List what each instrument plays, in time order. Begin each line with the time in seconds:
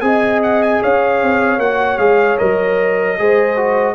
0.00 tuba C4, trombone G#4, horn D#5, trumpet G#5
0.42 trumpet F#5
0.62 trumpet G#5
0.82 tuba C#4, horn C#5, trumpet F5
1.22 tuba C4
1.57 tuba A#3, trombone F#4, trumpet F#5
1.98 tuba G#3, trombone G#4, trumpet F5
2.38 tuba F#3, trombone A#4, trumpet D#5
3.18 tuba G#3, trombone G#4, horn C5
3.56 trombone F#4